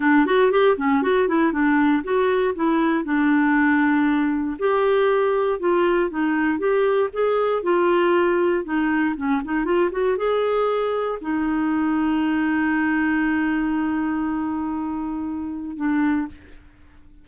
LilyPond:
\new Staff \with { instrumentName = "clarinet" } { \time 4/4 \tempo 4 = 118 d'8 fis'8 g'8 cis'8 fis'8 e'8 d'4 | fis'4 e'4 d'2~ | d'4 g'2 f'4 | dis'4 g'4 gis'4 f'4~ |
f'4 dis'4 cis'8 dis'8 f'8 fis'8 | gis'2 dis'2~ | dis'1~ | dis'2. d'4 | }